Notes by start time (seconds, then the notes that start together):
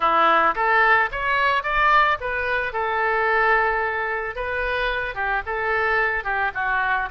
0.00 E4
0.55 A4
1.11 C#5
1.63 D5
2.20 B4
2.72 A4
4.35 B4
5.14 G4
5.46 A4
6.24 G4
6.54 F#4